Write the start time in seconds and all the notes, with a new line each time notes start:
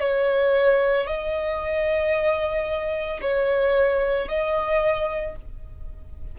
0.00 C#5
1.06 D#5
3.21 C#5
4.28 D#5